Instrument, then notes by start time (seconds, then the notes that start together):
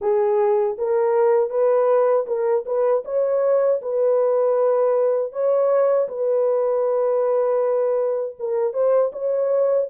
horn
0.01 G#4
0.78 A#4
1.49 B4
2.26 A#4
2.65 B4
3.04 C#5
3.81 B4
5.32 C#5
6.08 B4
8.39 A#4
8.73 C5
9.12 C#5